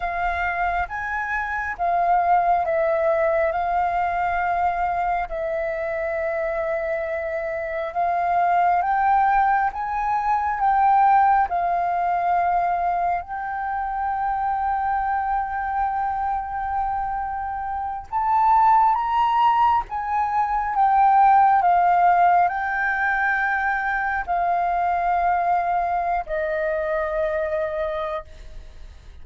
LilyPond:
\new Staff \with { instrumentName = "flute" } { \time 4/4 \tempo 4 = 68 f''4 gis''4 f''4 e''4 | f''2 e''2~ | e''4 f''4 g''4 gis''4 | g''4 f''2 g''4~ |
g''1~ | g''8 a''4 ais''4 gis''4 g''8~ | g''8 f''4 g''2 f''8~ | f''4.~ f''16 dis''2~ dis''16 | }